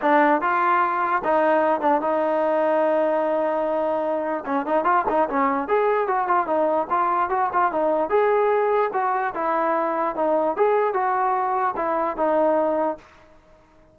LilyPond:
\new Staff \with { instrumentName = "trombone" } { \time 4/4 \tempo 4 = 148 d'4 f'2 dis'4~ | dis'8 d'8 dis'2.~ | dis'2. cis'8 dis'8 | f'8 dis'8 cis'4 gis'4 fis'8 f'8 |
dis'4 f'4 fis'8 f'8 dis'4 | gis'2 fis'4 e'4~ | e'4 dis'4 gis'4 fis'4~ | fis'4 e'4 dis'2 | }